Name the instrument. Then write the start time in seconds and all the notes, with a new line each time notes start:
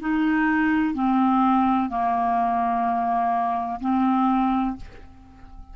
clarinet
0.00 D#4
0.94 C4
1.89 A#3
3.81 C4